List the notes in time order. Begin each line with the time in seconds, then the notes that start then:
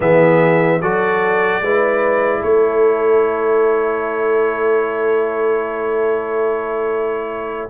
0.00 E3 B3 G#4 E5
0.81 F#3 F#4 A4 D5
1.60 G#3 E4 B4
2.40 A3 A4 C#5